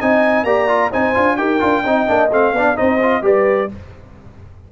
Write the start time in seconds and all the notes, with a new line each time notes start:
0.00 C4 D#4 D#5 G#5
0.43 A#3 G4 D5 A#5
0.68 F4
0.91 C4 D#4 C5 G#5
1.14 D4 F4
1.36 D#4 G4 A#4 G5
1.59 D4 F4
1.83 C4 D#4 D#5
2.07 A#3 D4
2.30 A3 C4 F5
2.52 B3 D4 D5
2.75 C4 D#4 C5 D#5
3.02 F4
3.22 G3 G4 B4 D5